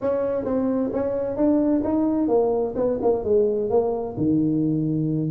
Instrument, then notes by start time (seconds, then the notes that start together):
tuba
0.01 C#4
0.44 C4
0.93 C#4
1.36 D4
1.84 D#4
2.28 A#3
2.75 B3
3.02 A#3
3.24 G#3
3.69 A#3
4.17 D#3